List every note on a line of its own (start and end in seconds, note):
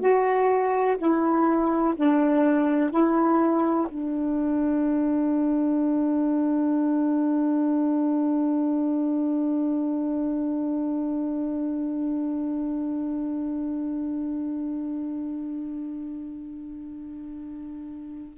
0.00 0.97 F#4
0.98 1.94 E4
1.96 2.90 D4
2.90 3.87 E4
3.89 18.38 D4